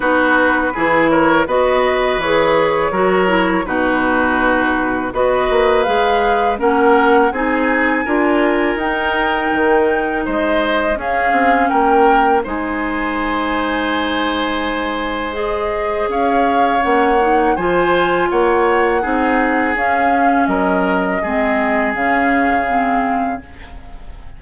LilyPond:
<<
  \new Staff \with { instrumentName = "flute" } { \time 4/4 \tempo 4 = 82 b'4. cis''8 dis''4 cis''4~ | cis''4 b'2 dis''4 | f''4 fis''4 gis''2 | g''2 dis''4 f''4 |
g''4 gis''2.~ | gis''4 dis''4 f''4 fis''4 | gis''4 fis''2 f''4 | dis''2 f''2 | }
  \new Staff \with { instrumentName = "oboe" } { \time 4/4 fis'4 gis'8 ais'8 b'2 | ais'4 fis'2 b'4~ | b'4 ais'4 gis'4 ais'4~ | ais'2 c''4 gis'4 |
ais'4 c''2.~ | c''2 cis''2 | c''4 cis''4 gis'2 | ais'4 gis'2. | }
  \new Staff \with { instrumentName = "clarinet" } { \time 4/4 dis'4 e'4 fis'4 gis'4 | fis'8 e'8 dis'2 fis'4 | gis'4 cis'4 dis'4 f'4 | dis'2. cis'4~ |
cis'4 dis'2.~ | dis'4 gis'2 cis'8 dis'8 | f'2 dis'4 cis'4~ | cis'4 c'4 cis'4 c'4 | }
  \new Staff \with { instrumentName = "bassoon" } { \time 4/4 b4 e4 b4 e4 | fis4 b,2 b8 ais8 | gis4 ais4 c'4 d'4 | dis'4 dis4 gis4 cis'8 c'8 |
ais4 gis2.~ | gis2 cis'4 ais4 | f4 ais4 c'4 cis'4 | fis4 gis4 cis2 | }
>>